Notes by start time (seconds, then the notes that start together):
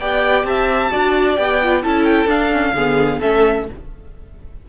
0.00 B3 G4 D5 G5
0.44 C4 E5 A5
0.90 D4 F#4 D5
1.36 B3 G4 G5
1.63 F4
1.82 C#4 E4 A4 A5
2.05 G5
2.27 D4 F5
2.52 C#4
2.74 D3 B3 G#4
3.20 A3 C#4 A4 E5